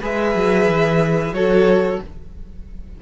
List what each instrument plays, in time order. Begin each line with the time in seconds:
0.00 cello G#3, viola G#4, violin B4 E5
0.35 cello F#3
0.67 cello E3
1.32 cello F#3, viola F#4, violin A4 C#5